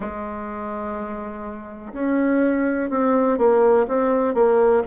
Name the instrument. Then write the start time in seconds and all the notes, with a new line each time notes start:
bassoon
0.00 G#3
1.93 C#4
2.89 C4
3.37 A#3
3.88 C4
4.34 A#3